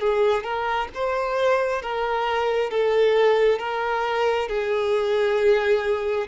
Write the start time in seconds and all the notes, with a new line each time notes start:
0.00 G#4
0.43 A#4
0.94 C5
1.82 A#4
2.70 A4
3.59 A#4
4.48 G#4